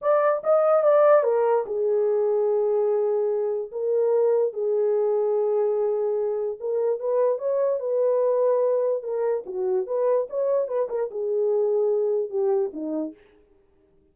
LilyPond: \new Staff \with { instrumentName = "horn" } { \time 4/4 \tempo 4 = 146 d''4 dis''4 d''4 ais'4 | gis'1~ | gis'4 ais'2 gis'4~ | gis'1 |
ais'4 b'4 cis''4 b'4~ | b'2 ais'4 fis'4 | b'4 cis''4 b'8 ais'8 gis'4~ | gis'2 g'4 dis'4 | }